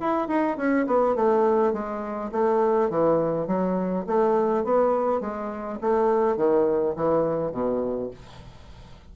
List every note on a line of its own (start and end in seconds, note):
0.00 0.28 E4
0.28 0.57 D#4
0.57 0.86 C#4
0.86 1.15 B3
1.15 1.73 A3
1.73 2.31 G#3
2.31 2.89 A3
2.89 3.47 E3
3.47 4.05 F#3
4.06 4.64 A3
4.64 5.20 B3
5.20 5.79 G#3
5.80 6.36 A3
6.36 6.95 D#3
6.95 7.52 E3
7.52 8.10 B2